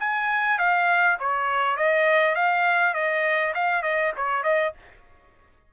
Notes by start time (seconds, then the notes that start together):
0.00 G#5
0.59 F5
1.20 C#5
1.77 D#5
2.35 F5
2.94 D#5
3.55 F5
3.83 D#5
4.17 C#5
4.44 D#5